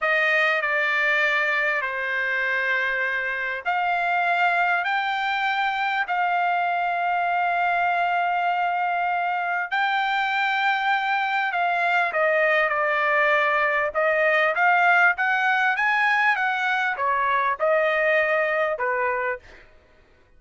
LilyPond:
\new Staff \with { instrumentName = "trumpet" } { \time 4/4 \tempo 4 = 99 dis''4 d''2 c''4~ | c''2 f''2 | g''2 f''2~ | f''1 |
g''2. f''4 | dis''4 d''2 dis''4 | f''4 fis''4 gis''4 fis''4 | cis''4 dis''2 b'4 | }